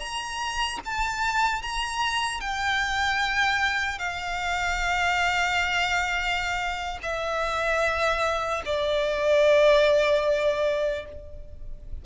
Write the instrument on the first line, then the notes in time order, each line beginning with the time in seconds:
violin
0.00 A#5
0.85 A5
1.63 A#5
2.41 G5
3.99 F5
7.03 E5
8.66 D5